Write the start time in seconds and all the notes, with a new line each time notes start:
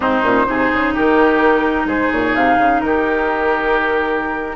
0.00 G#2 C4 D#4 C5
0.22 A#2 C#4
0.44 C3 D#4 G#4
0.73 C#3
0.94 D#3 G4 A#4
1.84 G#2 G#4 C5
2.11 A#2 C#5
2.35 C3 F5
2.57 C#3
2.80 D#3 G4 A#4